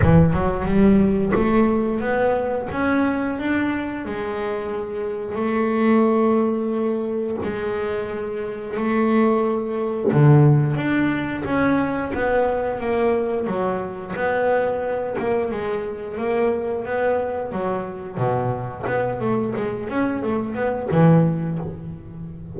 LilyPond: \new Staff \with { instrumentName = "double bass" } { \time 4/4 \tempo 4 = 89 e8 fis8 g4 a4 b4 | cis'4 d'4 gis2 | a2. gis4~ | gis4 a2 d4 |
d'4 cis'4 b4 ais4 | fis4 b4. ais8 gis4 | ais4 b4 fis4 b,4 | b8 a8 gis8 cis'8 a8 b8 e4 | }